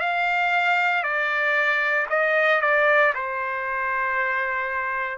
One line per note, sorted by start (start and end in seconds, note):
0.00 1.03 F5
1.03 2.07 D5
2.10 2.61 D#5
2.61 3.13 D5
3.15 5.18 C5